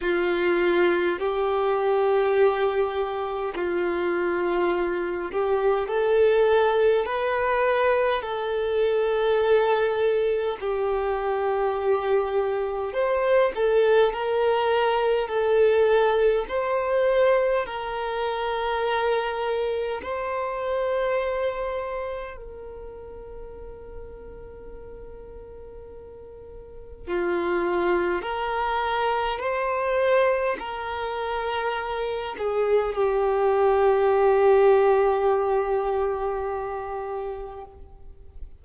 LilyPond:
\new Staff \with { instrumentName = "violin" } { \time 4/4 \tempo 4 = 51 f'4 g'2 f'4~ | f'8 g'8 a'4 b'4 a'4~ | a'4 g'2 c''8 a'8 | ais'4 a'4 c''4 ais'4~ |
ais'4 c''2 ais'4~ | ais'2. f'4 | ais'4 c''4 ais'4. gis'8 | g'1 | }